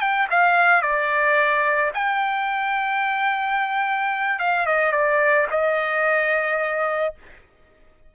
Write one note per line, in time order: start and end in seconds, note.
0.00 0.27 G5
0.30 0.82 F5
0.82 1.91 D5
1.94 4.39 G5
4.39 4.66 F5
4.66 4.92 D#5
4.92 5.46 D5
5.50 7.14 D#5